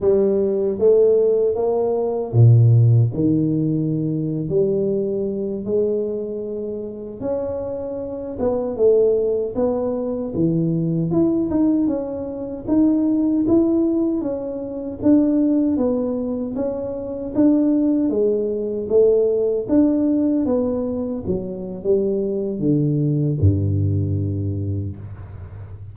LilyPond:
\new Staff \with { instrumentName = "tuba" } { \time 4/4 \tempo 4 = 77 g4 a4 ais4 ais,4 | dis4.~ dis16 g4. gis8.~ | gis4~ gis16 cis'4. b8 a8.~ | a16 b4 e4 e'8 dis'8 cis'8.~ |
cis'16 dis'4 e'4 cis'4 d'8.~ | d'16 b4 cis'4 d'4 gis8.~ | gis16 a4 d'4 b4 fis8. | g4 d4 g,2 | }